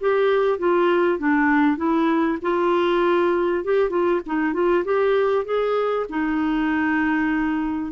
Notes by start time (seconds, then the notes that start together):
0.00 G4
0.58 F4
1.18 D4
1.77 E4
2.42 F4
3.64 G4
3.90 F4
4.26 D#4
4.53 F4
4.84 G4
5.45 G#4
6.09 D#4